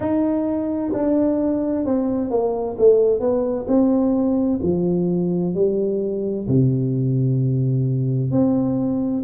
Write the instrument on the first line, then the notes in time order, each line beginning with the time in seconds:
tuba
0.00 D#4
0.93 D4
1.85 C4
2.30 A#3
2.78 A3
3.19 B3
3.67 C4
4.62 F3
5.54 G3
6.47 C3
8.31 C4